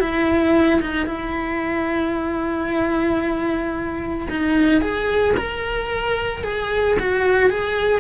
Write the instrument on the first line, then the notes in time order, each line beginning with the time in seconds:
cello
0.00 E4
0.82 D#4
1.06 E4
4.30 D#4
4.81 G#4
5.37 A#4
6.44 G#4
6.99 F#4
7.50 G#4